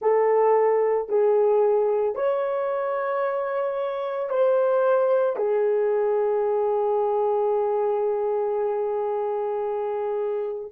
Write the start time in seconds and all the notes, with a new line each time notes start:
0.01 A4
1.08 G#4
2.15 C#5
4.29 C5
5.36 G#4